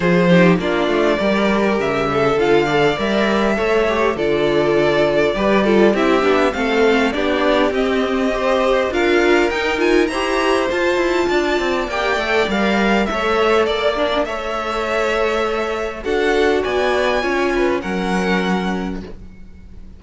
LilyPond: <<
  \new Staff \with { instrumentName = "violin" } { \time 4/4 \tempo 4 = 101 c''4 d''2 e''4 | f''4 e''2 d''4~ | d''2 e''4 f''4 | d''4 dis''2 f''4 |
g''8 gis''8 ais''4 a''2 | g''4 f''4 e''4 d''4 | e''2. fis''4 | gis''2 fis''2 | }
  \new Staff \with { instrumentName = "violin" } { \time 4/4 gis'8 g'8 f'4 ais'4. a'8~ | a'8 d''4. cis''4 a'4~ | a'4 b'8 a'8 g'4 a'4 | g'2 c''4 ais'4~ |
ais'4 c''2 d''4~ | d''2 cis''4 d''8 d'8 | cis''2. a'4 | d''4 cis''8 b'8 ais'2 | }
  \new Staff \with { instrumentName = "viola" } { \time 4/4 f'8 dis'8 d'4 g'2 | f'8 a'8 ais'4 a'8 g'8 f'4~ | f'4 g'8 f'8 e'8 d'8 c'4 | d'4 c'4 g'4 f'4 |
dis'8 f'8 g'4 f'2 | g'8 a'8 ais'4 a'4. d'8 | a'2. fis'4~ | fis'4 f'4 cis'2 | }
  \new Staff \with { instrumentName = "cello" } { \time 4/4 f4 ais8 a8 g4 cis4 | d4 g4 a4 d4~ | d4 g4 c'8 b8 a4 | b4 c'2 d'4 |
dis'4 e'4 f'8 e'8 d'8 c'8 | ais8 a8 g4 a4 ais4 | a2. d'4 | b4 cis'4 fis2 | }
>>